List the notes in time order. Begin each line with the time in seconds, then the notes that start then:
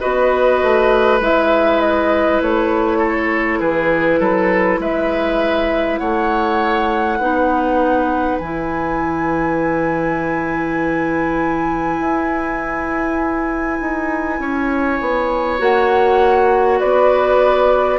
0.00 B3 F#4 B4 D#5
0.63 A3
1.21 G#3 E4 E5
1.81 D#5
2.42 A3 C#5
2.99 A4
3.60 E3 G#4 B4
4.20 F#3 A4
4.79 G#3 B4 E5
5.98 A3 C#5 F#5
7.19 B3 D#4 B4
8.39 E3 E4 G#5
12.00 E4
13.81 D#4
14.39 C#4 C#5
15.01 B3
15.59 A#3 F#4 F#5
16.80 B3 B4 D5